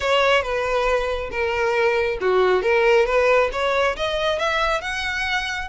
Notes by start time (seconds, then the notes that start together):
0.00 C#5
0.42 B4
1.31 A#4
2.20 F#4
2.62 A#4
3.06 B4
3.52 C#5
3.96 D#5
4.39 E5
4.81 F#5